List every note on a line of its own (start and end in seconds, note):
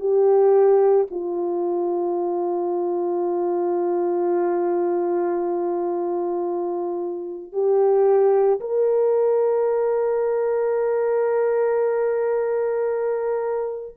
0.00 1.07 G4
1.11 7.52 F4
7.52 8.60 G4
8.61 13.96 A#4